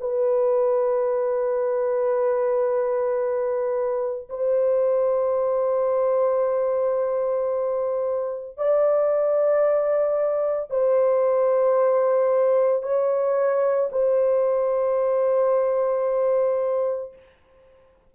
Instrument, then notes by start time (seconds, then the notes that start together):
horn
0.00 B4
4.30 C5
8.57 D5
10.70 C5
12.83 C#5
13.91 C5